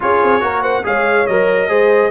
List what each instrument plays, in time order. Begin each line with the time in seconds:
0.00 tuba C#4, trombone F4, horn G#4, trumpet C#5
0.22 tuba C4
0.40 tuba A#3, trombone F#4, horn A#4
0.61 horn C5, trumpet F#5
0.83 tuba G#3, trombone G#4, horn C#5, trumpet F5
1.26 tuba F#3, trombone A#4, trumpet D#5
1.68 tuba G#3, trombone G#4, horn C5